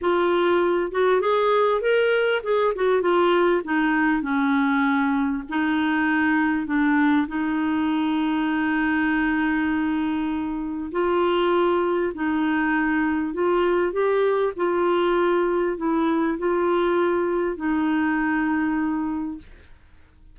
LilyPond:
\new Staff \with { instrumentName = "clarinet" } { \time 4/4 \tempo 4 = 99 f'4. fis'8 gis'4 ais'4 | gis'8 fis'8 f'4 dis'4 cis'4~ | cis'4 dis'2 d'4 | dis'1~ |
dis'2 f'2 | dis'2 f'4 g'4 | f'2 e'4 f'4~ | f'4 dis'2. | }